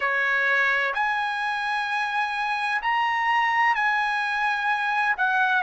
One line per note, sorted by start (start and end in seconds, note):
0.00 0.93 C#5
0.94 2.81 G#5
2.81 3.75 A#5
3.75 5.15 G#5
5.17 5.62 F#5